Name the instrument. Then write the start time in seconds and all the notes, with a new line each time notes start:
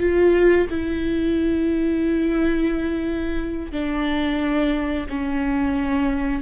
viola
0.00 F4
0.70 E4
3.72 D4
5.09 C#4